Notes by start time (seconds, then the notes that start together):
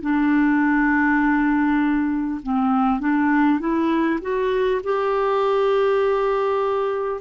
0.00 D4
2.42 C4
2.99 D4
3.59 E4
4.21 F#4
4.83 G4